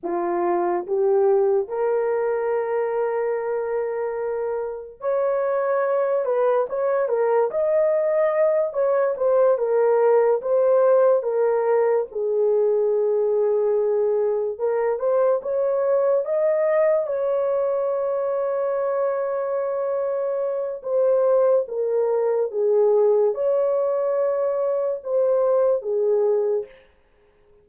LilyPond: \new Staff \with { instrumentName = "horn" } { \time 4/4 \tempo 4 = 72 f'4 g'4 ais'2~ | ais'2 cis''4. b'8 | cis''8 ais'8 dis''4. cis''8 c''8 ais'8~ | ais'8 c''4 ais'4 gis'4.~ |
gis'4. ais'8 c''8 cis''4 dis''8~ | dis''8 cis''2.~ cis''8~ | cis''4 c''4 ais'4 gis'4 | cis''2 c''4 gis'4 | }